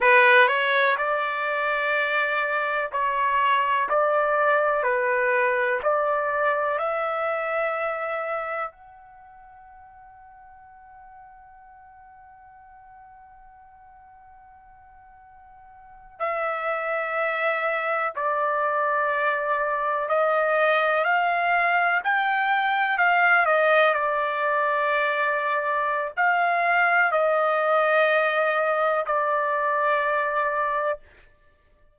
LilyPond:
\new Staff \with { instrumentName = "trumpet" } { \time 4/4 \tempo 4 = 62 b'8 cis''8 d''2 cis''4 | d''4 b'4 d''4 e''4~ | e''4 fis''2.~ | fis''1~ |
fis''8. e''2 d''4~ d''16~ | d''8. dis''4 f''4 g''4 f''16~ | f''16 dis''8 d''2~ d''16 f''4 | dis''2 d''2 | }